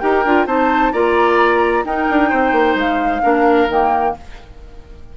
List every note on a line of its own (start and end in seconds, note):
0.00 0.25 D#4
0.00 0.25 G4
0.00 0.47 A#4
0.00 0.46 G5
0.25 0.47 D4
0.25 0.47 F4
0.47 0.93 C4
0.47 0.93 D#4
0.47 0.93 C5
0.47 0.93 A5
0.93 1.85 A#3
0.93 1.86 F4
0.93 1.85 D5
0.93 1.85 A#5
1.85 2.08 D#4
1.85 3.23 D#4
1.85 2.30 A#4
1.85 2.78 G5
2.10 2.33 D4
2.30 2.52 C4
2.30 3.22 C5
2.52 2.75 A#3
2.75 3.22 G#3
2.75 3.71 F5
3.23 3.69 A#3
3.23 3.69 D4
3.23 4.15 A#4
3.69 4.15 D#3
3.69 4.17 A#3
3.69 4.17 G5